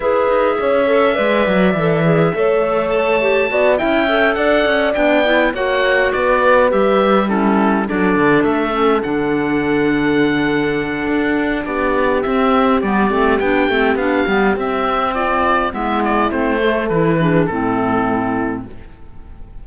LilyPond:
<<
  \new Staff \with { instrumentName = "oboe" } { \time 4/4 \tempo 4 = 103 e''1~ | e''4 a''4. g''4 fis''8~ | fis''8 g''4 fis''4 d''4 e''8~ | e''8 a'4 d''4 e''4 fis''8~ |
fis''1 | d''4 e''4 d''4 g''4 | f''4 e''4 d''4 e''8 d''8 | c''4 b'4 a'2 | }
  \new Staff \with { instrumentName = "horn" } { \time 4/4 b'4 cis''4 d''2 | cis''2 d''8 e''4 d''8~ | d''4. cis''4 b'4.~ | b'8 e'4 a'2~ a'8~ |
a'1 | g'1~ | g'2 f'4 e'4~ | e'8 a'4 gis'8 e'2 | }
  \new Staff \with { instrumentName = "clarinet" } { \time 4/4 gis'4. a'8 b'4 a'8 gis'8 | a'4. g'8 fis'8 e'8 a'4~ | a'8 d'8 e'8 fis'2 g'8~ | g'8 cis'4 d'4. cis'8 d'8~ |
d'1~ | d'4 c'4 b8 c'8 d'8 c'8 | d'8 b8 c'2 b4 | c'8 a8 e'8 d'8 c'2 | }
  \new Staff \with { instrumentName = "cello" } { \time 4/4 e'8 dis'8 cis'4 gis8 fis8 e4 | a2 b8 cis'4 d'8 | cis'8 b4 ais4 b4 g8~ | g4. fis8 d8 a4 d8~ |
d2. d'4 | b4 c'4 g8 a8 b8 a8 | b8 g8 c'2 gis4 | a4 e4 a,2 | }
>>